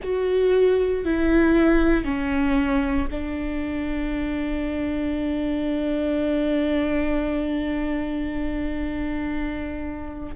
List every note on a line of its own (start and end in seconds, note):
0.02 1.04 F#4
1.04 2.04 E4
2.04 3.08 C#4
3.10 10.34 D4